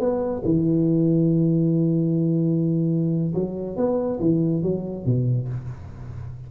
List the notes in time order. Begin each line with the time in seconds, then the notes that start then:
0.00 B3
0.45 E3
3.35 F#3
3.77 B3
4.20 E3
4.63 F#3
5.06 B2